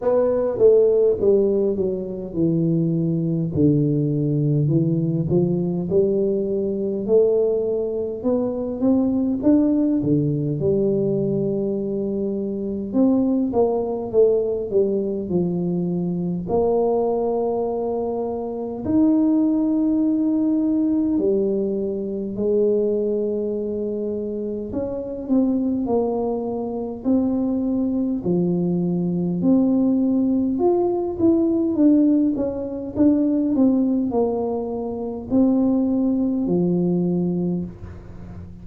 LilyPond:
\new Staff \with { instrumentName = "tuba" } { \time 4/4 \tempo 4 = 51 b8 a8 g8 fis8 e4 d4 | e8 f8 g4 a4 b8 c'8 | d'8 d8 g2 c'8 ais8 | a8 g8 f4 ais2 |
dis'2 g4 gis4~ | gis4 cis'8 c'8 ais4 c'4 | f4 c'4 f'8 e'8 d'8 cis'8 | d'8 c'8 ais4 c'4 f4 | }